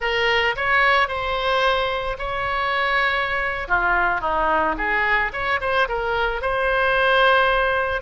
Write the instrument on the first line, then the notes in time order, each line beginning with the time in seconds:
oboe
0.00 A#4
0.56 C#5
1.08 C5
2.18 C#5
3.68 F4
4.20 D#4
4.77 G#4
5.32 C#5
5.60 C5
5.88 A#4
6.41 C5